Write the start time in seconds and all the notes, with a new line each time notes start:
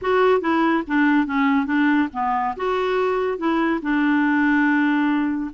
0.01 F#4
0.41 E4
0.87 D4
1.26 C#4
1.66 D4
2.13 B3
2.56 F#4
3.37 E4
3.81 D4